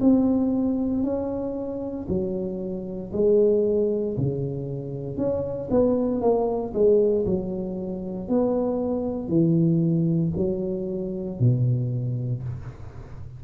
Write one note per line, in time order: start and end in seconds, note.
0.00 1.03 C4
1.03 2.06 C#4
2.08 3.11 F#3
3.12 4.16 G#3
4.17 5.17 C#3
5.17 5.68 C#4
5.70 6.21 B3
6.21 6.72 A#3
6.73 7.25 G#3
7.25 8.28 F#3
8.28 9.28 B3
9.28 10.31 E3
10.36 11.39 F#3
11.39 12.42 B2